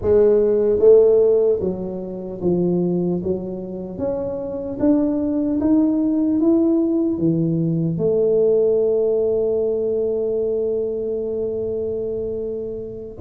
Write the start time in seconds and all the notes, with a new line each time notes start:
0.01 G#3
0.79 A3
1.60 F#3
2.41 F3
3.23 F#3
3.98 C#4
4.79 D4
5.60 D#4
6.40 E4
7.18 E3
7.97 A3